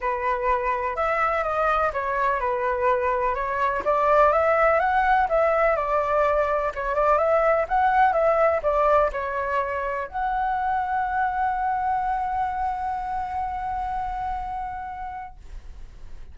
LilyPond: \new Staff \with { instrumentName = "flute" } { \time 4/4 \tempo 4 = 125 b'2 e''4 dis''4 | cis''4 b'2 cis''4 | d''4 e''4 fis''4 e''4 | d''2 cis''8 d''8 e''4 |
fis''4 e''4 d''4 cis''4~ | cis''4 fis''2.~ | fis''1~ | fis''1 | }